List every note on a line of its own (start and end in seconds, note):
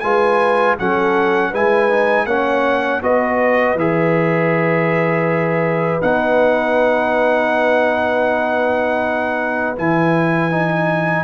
0.00 0.78 G#3
0.00 0.78 F4
0.00 0.78 B4
0.00 0.75 G#5
0.78 1.53 F#3
0.78 1.53 C#4
0.78 1.50 A4
0.78 1.54 F#5
1.50 2.26 G#3
1.50 1.90 E4
1.50 2.25 B4
1.50 2.26 G#5
1.90 2.27 D#4
2.26 3.01 A#3
2.26 3.02 C#4
2.26 3.02 C#5
2.26 3.01 F#5
3.02 3.75 B3
3.02 3.77 F#4
3.02 11.24 B4
3.02 3.78 D#5
3.75 6.00 E3
3.75 6.01 G#4
3.75 6.01 E5
6.01 9.78 B3
6.01 9.76 D#4
6.01 9.76 F#5
9.76 11.24 E3
9.76 10.51 E4
9.76 11.24 G#5
10.51 11.24 D#4